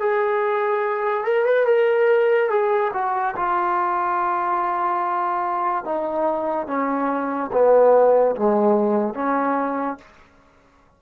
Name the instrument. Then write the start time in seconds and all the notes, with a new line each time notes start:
trombone
0.00 G#4
1.24 A#4
1.45 B4
1.66 A#4
2.50 G#4
2.94 F#4
3.36 F4
5.85 D#4
6.67 C#4
7.52 B3
8.36 G#3
9.14 C#4